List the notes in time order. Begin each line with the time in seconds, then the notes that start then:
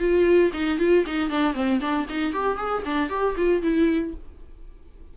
0.00 F4
0.54 D#4
0.79 F4
1.07 D#4
1.30 D4
1.54 C4
1.81 D4
2.10 D#4
2.34 G4
2.57 G#4
2.85 D4
3.10 G4
3.37 F4
3.63 E4